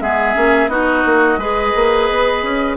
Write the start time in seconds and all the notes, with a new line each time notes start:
0.00 G#3 B3 G#4 E5
0.34 A#3 C#4
0.68 B3 D#4 F#4 D#5
1.05 A#3
1.37 G#3 G#4 B4
1.75 A#3
2.09 B3
2.42 C#4